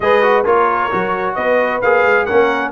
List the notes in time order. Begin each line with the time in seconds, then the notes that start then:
0.00 G#3 G#4 B4 D#5
0.22 F#4
0.44 A#3 F4 A#4 C#5
0.91 F#3 F#4
1.34 B3 B4 D#5
1.81 A#3 G#4 F5
2.04 G#3
2.25 A#3 C#4 A#4 F#5